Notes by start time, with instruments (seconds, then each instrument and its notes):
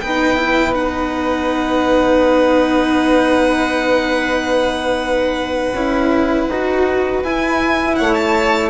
0.00 bassoon B3, cello D#4, violin B4 G5
0.37 cello E4
0.73 cello D#4, violin F#5
5.73 bassoon C#4, cello E4
6.49 bassoon D#4, cello F#4
7.23 bassoon E4, cello E4, violin G#5
7.96 bassoon A3, violin C#5 F#5
8.14 violin A5